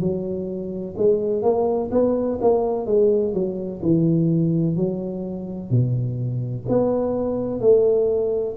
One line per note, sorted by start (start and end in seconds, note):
0.00 0.95 F#3
0.97 1.42 G#3
1.42 1.90 A#3
1.91 2.39 B3
2.41 2.86 A#3
2.86 3.33 G#3
3.33 3.81 F#3
3.82 4.76 E3
4.76 5.70 F#3
5.70 6.65 B2
6.68 7.60 B3
7.60 8.55 A3